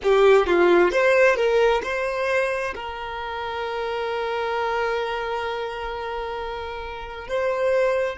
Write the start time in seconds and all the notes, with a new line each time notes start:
0.02 G4
0.46 F4
0.91 C5
1.36 A#4
1.83 C5
2.74 A#4
7.27 C5